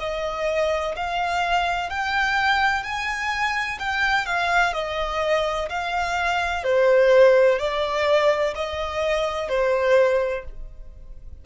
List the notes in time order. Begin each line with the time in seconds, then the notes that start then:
0.00 D#5
0.97 F5
1.90 G5
2.84 G#5
3.80 G5
4.26 F5
4.74 D#5
5.69 F5
6.64 C5
7.59 D5
8.55 D#5
9.49 C5